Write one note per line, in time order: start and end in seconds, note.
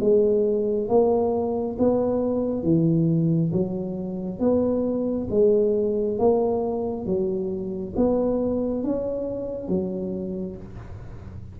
0.00 0.88 G#3
0.88 1.76 A#3
1.79 2.63 B3
2.63 3.51 E3
3.52 4.39 F#3
4.39 5.27 B3
5.30 6.18 G#3
6.18 7.05 A#3
7.05 7.94 F#3
7.96 8.84 B3
8.84 9.68 C#4
9.68 10.56 F#3